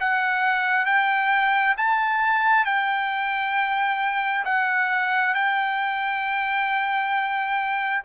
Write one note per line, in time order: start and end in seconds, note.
0.00 0.85 F#5
0.85 1.75 G5
1.77 2.65 A5
2.65 4.45 G5
4.45 5.34 F#5
5.35 8.04 G5